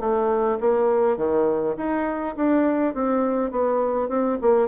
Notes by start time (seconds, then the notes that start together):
0.00 A3
0.60 A#3
1.17 D#3
1.77 D#4
2.36 D4
2.94 C4
3.51 B3
4.09 C4
4.41 A#3